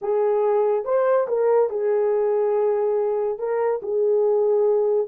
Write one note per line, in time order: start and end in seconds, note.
0.01 0.85 G#4
0.85 1.27 C5
1.27 1.69 A#4
1.69 3.38 G#4
3.38 3.80 A#4
3.82 5.07 G#4